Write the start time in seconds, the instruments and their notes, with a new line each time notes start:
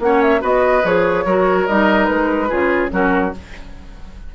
0.00 bassoon A#3, clarinet C#4, oboe C#5, flute F#5
0.22 flute E5
0.41 bassoon B3, clarinet F#4, oboe B4, flute D#5
0.84 bassoon F3, clarinet G#4, flute C#5
1.26 bassoon F#3, clarinet F#4, oboe A#4
1.67 bassoon G3, clarinet D#4, flute D#5
2.06 bassoon G#3, flute B4
2.49 bassoon C#3, clarinet F4, oboe G#4
2.90 bassoon F#3, clarinet C#4, oboe F#4, flute A#4